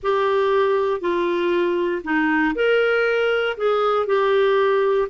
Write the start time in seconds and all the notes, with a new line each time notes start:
0.02 G4
1.00 F4
2.03 D#4
2.55 A#4
3.57 G#4
4.06 G4